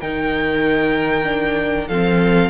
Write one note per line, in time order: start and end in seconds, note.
0.00 1.89 D#3
0.00 1.24 D#4
0.00 1.88 A#4
0.00 1.88 G5
1.24 1.87 D4
1.88 2.50 F3
1.88 2.50 C4
1.88 2.50 A4
1.88 2.50 F5